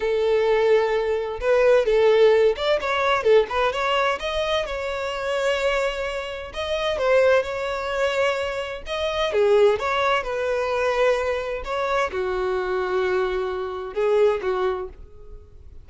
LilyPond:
\new Staff \with { instrumentName = "violin" } { \time 4/4 \tempo 4 = 129 a'2. b'4 | a'4. d''8 cis''4 a'8 b'8 | cis''4 dis''4 cis''2~ | cis''2 dis''4 c''4 |
cis''2. dis''4 | gis'4 cis''4 b'2~ | b'4 cis''4 fis'2~ | fis'2 gis'4 fis'4 | }